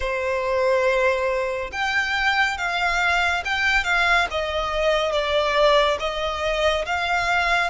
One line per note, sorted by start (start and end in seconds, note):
0.00 1.71 C5
1.71 2.57 G5
2.57 3.43 F5
3.44 3.84 G5
3.84 4.27 F5
4.31 5.12 D#5
5.12 5.97 D5
5.99 6.85 D#5
6.85 7.70 F5